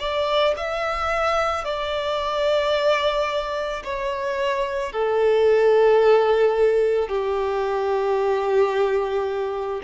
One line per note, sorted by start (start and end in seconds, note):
0.00 0.55 D5
0.57 1.65 E5
1.65 3.83 D5
3.84 4.93 C#5
4.93 7.09 A4
7.09 9.82 G4